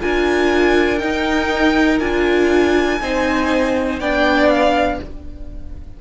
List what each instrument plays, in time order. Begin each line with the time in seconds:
0.00 cello D4, viola F4, violin A#4 G#5
0.99 viola D#4, cello D#4, violin G5
2.00 cello D4, viola F4, violin G#5
3.01 cello C4, viola D#4, violin C5
4.00 cello B3, viola D4, violin D5 G5
4.49 violin F5